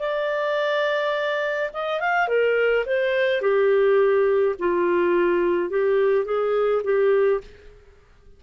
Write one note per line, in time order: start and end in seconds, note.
0.00 1.71 D5
1.74 2.01 D#5
2.01 2.28 F5
2.28 2.85 A#4
2.86 3.42 C5
3.42 4.56 G4
4.59 5.70 F4
5.70 6.25 G4
6.25 6.83 G#4
6.84 7.41 G4